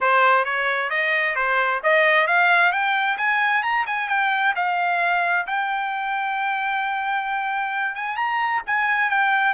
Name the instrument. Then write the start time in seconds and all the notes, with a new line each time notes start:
trumpet
0.00 C5
0.44 C#5
0.90 D#5
1.35 C5
1.83 D#5
2.27 F5
2.71 G5
3.17 G#5
3.62 A#5
3.86 G#5
4.08 G5
4.55 F5
5.46 G5
7.95 G#5
8.16 A#5
8.66 G#5
9.10 G5